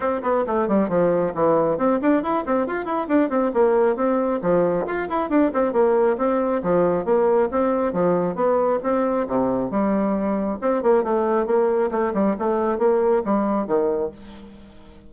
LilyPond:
\new Staff \with { instrumentName = "bassoon" } { \time 4/4 \tempo 4 = 136 c'8 b8 a8 g8 f4 e4 | c'8 d'8 e'8 c'8 f'8 e'8 d'8 c'8 | ais4 c'4 f4 f'8 e'8 | d'8 c'8 ais4 c'4 f4 |
ais4 c'4 f4 b4 | c'4 c4 g2 | c'8 ais8 a4 ais4 a8 g8 | a4 ais4 g4 dis4 | }